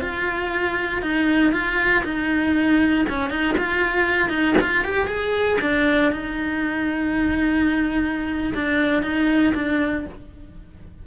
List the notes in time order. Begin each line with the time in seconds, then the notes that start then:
0.00 F4
1.02 D#4
1.52 F4
2.03 D#4
3.09 C#4
3.30 D#4
3.58 F4
4.29 D#4
4.61 F4
4.84 G4
5.07 G#4
5.61 D4
6.12 D#4
8.54 D4
9.02 D#4
9.54 D4